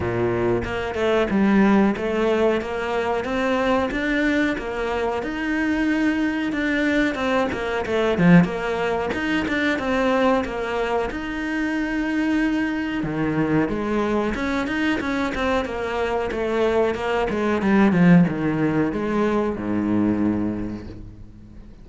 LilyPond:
\new Staff \with { instrumentName = "cello" } { \time 4/4 \tempo 4 = 92 ais,4 ais8 a8 g4 a4 | ais4 c'4 d'4 ais4 | dis'2 d'4 c'8 ais8 | a8 f8 ais4 dis'8 d'8 c'4 |
ais4 dis'2. | dis4 gis4 cis'8 dis'8 cis'8 c'8 | ais4 a4 ais8 gis8 g8 f8 | dis4 gis4 gis,2 | }